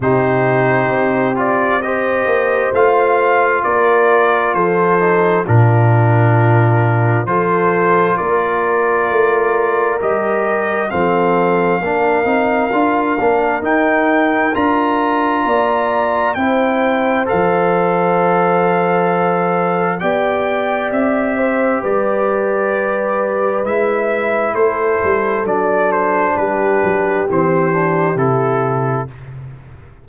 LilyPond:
<<
  \new Staff \with { instrumentName = "trumpet" } { \time 4/4 \tempo 4 = 66 c''4. d''8 dis''4 f''4 | d''4 c''4 ais'2 | c''4 d''2 dis''4 | f''2. g''4 |
ais''2 g''4 f''4~ | f''2 g''4 e''4 | d''2 e''4 c''4 | d''8 c''8 b'4 c''4 a'4 | }
  \new Staff \with { instrumentName = "horn" } { \time 4/4 g'2 c''2 | ais'4 a'4 f'2 | a'4 ais'2. | a'4 ais'2.~ |
ais'4 d''4 c''2~ | c''2 d''4. c''8 | b'2. a'4~ | a'4 g'2. | }
  \new Staff \with { instrumentName = "trombone" } { \time 4/4 dis'4. f'8 g'4 f'4~ | f'4. dis'8 d'2 | f'2. g'4 | c'4 d'8 dis'8 f'8 d'8 dis'4 |
f'2 e'4 a'4~ | a'2 g'2~ | g'2 e'2 | d'2 c'8 d'8 e'4 | }
  \new Staff \with { instrumentName = "tuba" } { \time 4/4 c4 c'4. ais8 a4 | ais4 f4 ais,2 | f4 ais4 a4 g4 | f4 ais8 c'8 d'8 ais8 dis'4 |
d'4 ais4 c'4 f4~ | f2 b4 c'4 | g2 gis4 a8 g8 | fis4 g8 fis8 e4 c4 | }
>>